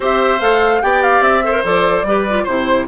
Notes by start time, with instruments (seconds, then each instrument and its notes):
0.00 bassoon C4, clarinet G4, oboe C5, flute E5
0.40 bassoon A3, clarinet A4, flute F5
0.82 bassoon B3, clarinet G4, oboe D5, flute G5
1.02 flute F5
1.20 bassoon C4, flute E5
1.43 clarinet A4, oboe C5
1.52 clarinet A#4
1.64 bassoon F3, clarinet A4, flute D5
2.03 bassoon G3, clarinet G4, oboe B4
2.29 clarinet F4
2.43 bassoon C3, clarinet E4, oboe C5, flute C5